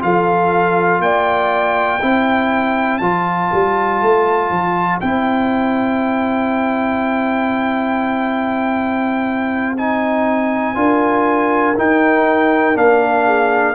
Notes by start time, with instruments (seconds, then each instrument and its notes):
0.00 tuba F3, trombone F4, horn A4, trumpet F5
1.00 tuba A#3, horn D5, trumpet G5
2.02 tuba C4, trombone E4, horn C5
2.98 tuba F3, trombone F4, trumpet A5
3.53 tuba G3
4.02 tuba A3
4.51 tuba F3
5.01 tuba C4, trombone E4, trumpet G5
9.78 trombone D#4, trumpet G#5
10.75 tuba D4, trombone F4, horn A#4
11.76 trombone D#4, tuba D#4, trumpet G5
12.75 tuba A#3, trombone D4, trumpet F5
13.26 horn G#4